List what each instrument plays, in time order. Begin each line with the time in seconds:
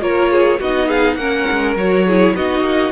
0.00 cello A#3, viola F4, violin A#4 C#5
0.32 violin G#4
0.60 cello B3, viola D#4, violin F#4 D#5
0.88 violin G#4 F5
1.16 cello A#3, viola C#4, violin A#4 F#5
1.51 cello G#3
1.76 cello F#3, viola F#4, violin C#5
2.06 viola E4, violin G#4
2.36 cello B3, viola D#4, violin F#4 D#5
2.61 cello A#3